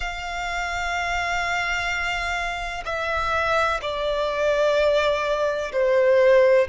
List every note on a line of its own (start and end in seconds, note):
0.00 2.83 F5
2.85 3.80 E5
3.81 5.71 D5
5.72 6.67 C5